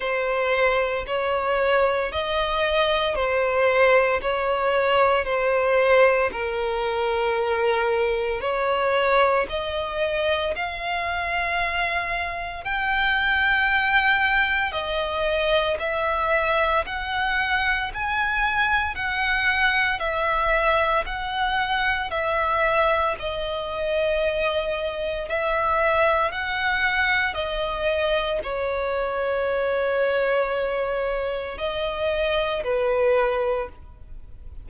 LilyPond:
\new Staff \with { instrumentName = "violin" } { \time 4/4 \tempo 4 = 57 c''4 cis''4 dis''4 c''4 | cis''4 c''4 ais'2 | cis''4 dis''4 f''2 | g''2 dis''4 e''4 |
fis''4 gis''4 fis''4 e''4 | fis''4 e''4 dis''2 | e''4 fis''4 dis''4 cis''4~ | cis''2 dis''4 b'4 | }